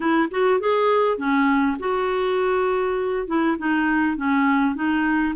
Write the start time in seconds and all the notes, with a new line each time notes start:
0.00 E4
0.30 F#4
0.60 G#4
1.17 C#4
1.79 F#4
3.27 E4
3.58 D#4
4.16 C#4
4.75 D#4